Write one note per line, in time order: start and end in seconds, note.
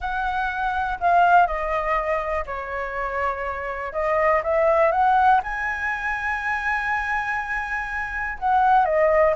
0.00 0.99 F#5
0.99 1.46 F5
1.46 2.45 D#5
2.45 3.93 C#5
3.93 4.42 D#5
4.43 4.91 E5
4.91 5.41 F#5
5.43 8.38 G#5
8.39 8.85 F#5
8.85 9.34 D#5